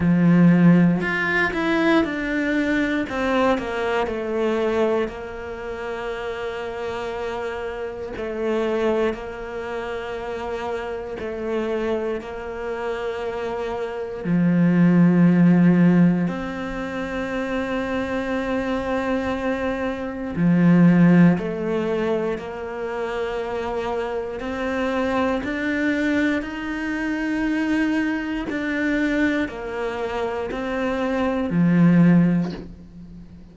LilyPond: \new Staff \with { instrumentName = "cello" } { \time 4/4 \tempo 4 = 59 f4 f'8 e'8 d'4 c'8 ais8 | a4 ais2. | a4 ais2 a4 | ais2 f2 |
c'1 | f4 a4 ais2 | c'4 d'4 dis'2 | d'4 ais4 c'4 f4 | }